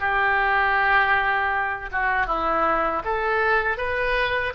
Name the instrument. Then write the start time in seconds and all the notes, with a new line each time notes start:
oboe
0.00 G4
1.92 F#4
2.27 E4
3.05 A4
3.77 B4